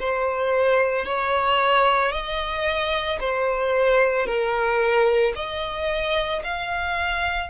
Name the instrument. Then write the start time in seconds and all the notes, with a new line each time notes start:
violin
0.00 C5
1.06 C#5
2.12 D#5
3.20 C5
4.27 A#4
5.36 D#5
6.44 F5